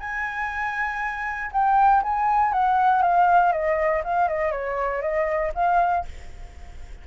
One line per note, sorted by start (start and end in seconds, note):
0.00 1.51 G#5
1.52 2.02 G5
2.03 2.53 G#5
2.53 3.03 F#5
3.03 3.52 F5
3.52 4.03 D#5
4.05 4.28 F5
4.28 4.51 D#5
4.51 5.02 C#5
5.02 5.52 D#5
5.55 6.05 F5